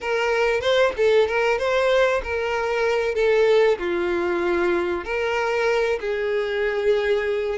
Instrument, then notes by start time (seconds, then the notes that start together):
violin
0.01 A#4
0.60 C5
0.96 A4
1.27 A#4
1.58 C5
2.23 A#4
3.14 A4
3.78 F4
5.04 A#4
6.00 G#4